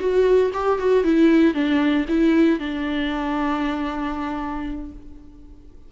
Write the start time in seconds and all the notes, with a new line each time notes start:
0.00 F#4
0.54 G4
0.79 F#4
1.04 E4
1.54 D4
2.09 E4
2.60 D4